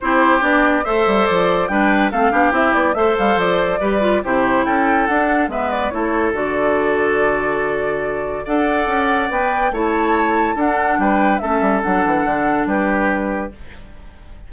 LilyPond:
<<
  \new Staff \with { instrumentName = "flute" } { \time 4/4 \tempo 4 = 142 c''4 d''4 e''4 d''4 | g''4 f''4 e''8 d''8 e''8 f''8 | d''2 c''4 g''4 | fis''4 e''8 d''8 cis''4 d''4~ |
d''1 | fis''2 g''4 a''4~ | a''4 fis''4 g''4 e''4 | fis''2 b'2 | }
  \new Staff \with { instrumentName = "oboe" } { \time 4/4 g'2 c''2 | b'4 a'8 g'4. c''4~ | c''4 b'4 g'4 a'4~ | a'4 b'4 a'2~ |
a'1 | d''2. cis''4~ | cis''4 a'4 b'4 a'4~ | a'2 g'2 | }
  \new Staff \with { instrumentName = "clarinet" } { \time 4/4 e'4 d'4 a'2 | d'4 c'8 d'8 e'4 a'4~ | a'4 g'8 f'8 e'2 | d'4 b4 e'4 fis'4~ |
fis'1 | a'2 b'4 e'4~ | e'4 d'2 cis'4 | d'1 | }
  \new Staff \with { instrumentName = "bassoon" } { \time 4/4 c'4 b4 a8 g8 f4 | g4 a8 b8 c'8 b8 a8 g8 | f4 g4 c4 cis'4 | d'4 gis4 a4 d4~ |
d1 | d'4 cis'4 b4 a4~ | a4 d'4 g4 a8 g8 | fis8 e8 d4 g2 | }
>>